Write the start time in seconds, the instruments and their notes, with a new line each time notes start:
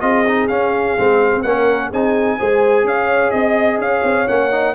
0.00 tuba C4, trombone F4, horn G#4, trumpet D#5
0.27 trombone D#4
0.48 tuba C#4, trombone C#4, trumpet F5
0.97 tuba G#3, trombone C4
1.34 tuba C4
1.42 tuba A#3, trombone C#4, horn A#4, trumpet F#5
1.90 tuba C4, trombone D#4, horn G#4, trumpet G#5
2.39 tuba G#3, trombone G#4, horn C5
2.84 tuba C#4, horn C#5, trumpet F5
3.31 tuba C4, trumpet D#5, horn D#5
3.78 tuba C#4, horn C#5, trumpet F5
4.03 tuba C4
4.28 tuba A#3, trombone C#4, trumpet F#5
4.51 trombone D#4